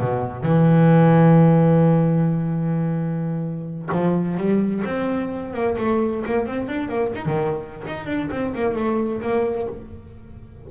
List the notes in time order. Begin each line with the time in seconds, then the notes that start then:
0.00 B2
0.43 E3
3.92 F3
4.37 G3
4.85 C4
5.54 A#3
5.78 A3
6.25 A#3
6.46 C4
6.68 D4
6.89 A#3
7.15 D#4
7.26 D#3
7.87 D#4
8.06 D4
8.31 C4
8.55 A#3
8.75 A3
9.22 A#3